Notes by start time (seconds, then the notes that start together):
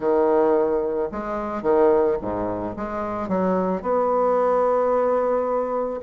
0.00 D#3
1.11 G#3
1.62 D#3
2.21 G#2
2.76 G#3
3.28 F#3
3.82 B3